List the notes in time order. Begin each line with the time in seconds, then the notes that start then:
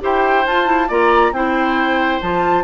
0.00 E4 G4 C5 G5
0.46 F4 A5
0.65 E4
0.88 A#3 F4 D5 A#5
1.32 C4 E4 C5 G5
2.21 F3 F4 A5